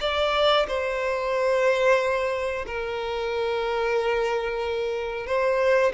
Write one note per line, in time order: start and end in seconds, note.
0.00 0.66 D5
0.68 2.66 C5
2.66 5.26 A#4
5.26 5.92 C5